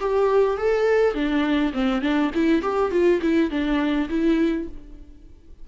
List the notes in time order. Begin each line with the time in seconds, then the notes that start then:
0.00 G4
0.57 A4
1.14 D4
1.73 C4
2.02 D4
2.35 E4
2.62 G4
2.91 F4
3.22 E4
3.50 D4
4.09 E4